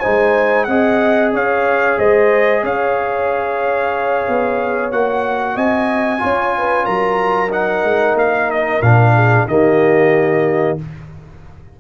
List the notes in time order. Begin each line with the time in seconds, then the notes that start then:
0.00 G#3 D#4 C5 G#5
0.64 C4 G#4 D#5 F#5
1.33 C#4 C#5 F5
1.98 G#3 C5 D#5
2.63 C#4 C#5 F5
4.28 B3
4.91 A#3 F#4 F#5
5.55 C4 D#5 G#5
6.19 C#4 F4 C#5
6.58 B4
6.85 F#3 A#4 A#5
7.51 D#4 F#5
7.84 G#3
8.14 A#3 F5
8.51 D#5
8.81 A#2 D4 F5
9.14 G#4
9.47 D#3 A#3 G4 D#5